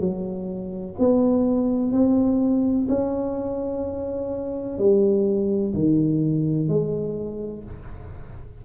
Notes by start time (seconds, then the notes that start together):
0.00 F#3
0.99 B3
1.92 C4
2.89 C#4
4.78 G3
5.74 D#3
6.68 G#3